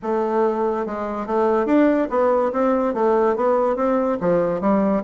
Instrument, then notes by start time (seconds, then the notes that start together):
bassoon
0.02 A3
0.86 G#3
1.26 A3
1.66 D4
2.10 B3
2.52 C4
2.94 A3
3.35 B3
3.76 C4
4.20 F3
4.60 G3